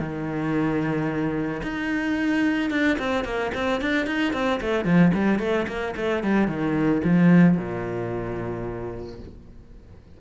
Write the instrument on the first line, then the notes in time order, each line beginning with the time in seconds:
cello
0.00 D#3
1.63 D#4
2.71 D4
2.99 C4
3.25 A#3
3.55 C4
3.82 D4
4.07 D#4
4.33 C4
4.61 A3
4.85 F3
5.14 G3
5.40 A3
5.68 A#3
5.97 A3
6.24 G3
6.48 D#3
7.04 F3
7.58 A#2